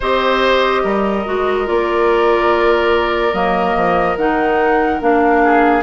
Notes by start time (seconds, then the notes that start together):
0.00 C4 G4 C5 D#5
0.83 G3 A#4
1.25 G#3 F#4
1.65 A#3 F4 D5
3.33 F#3 A#3 D#5
3.76 F3
4.16 D#3 D#4 F#5
5.00 A#3 D4 F5
5.43 G#4